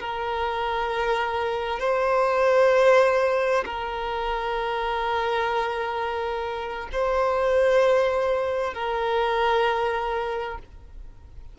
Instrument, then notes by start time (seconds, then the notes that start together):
violin
0.00 A#4
1.80 C5
3.65 A#4
6.92 C5
8.74 A#4